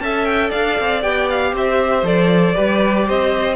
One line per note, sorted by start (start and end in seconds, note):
0.00 0.52 C#4
0.00 1.02 A4
0.00 0.49 E5
0.00 0.25 A5
0.25 0.51 G5
0.49 0.79 D4
0.49 1.51 D5
0.49 1.02 F5
0.80 1.04 C4
1.02 1.53 B3
1.02 2.04 G4
1.02 1.28 G5
1.30 1.55 F5
1.53 2.03 C4
1.53 2.55 C5
1.53 2.06 E5
2.03 2.54 F3
2.03 2.54 A4
2.03 3.09 D5
2.54 3.09 G3
2.54 3.56 G4
2.54 3.06 B4
3.06 3.56 C4
3.06 3.56 C5
3.06 3.56 D#5